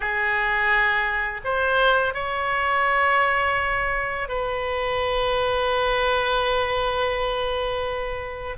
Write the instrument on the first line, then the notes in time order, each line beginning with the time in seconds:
oboe
0.00 G#4
1.44 C5
2.14 C#5
4.28 B4